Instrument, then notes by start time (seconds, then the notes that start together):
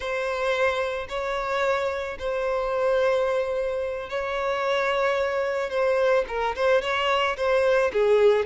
violin
0.00 C5
1.08 C#5
2.18 C5
4.09 C#5
5.70 C5
6.28 A#4
6.55 C5
6.81 C#5
7.36 C5
7.92 G#4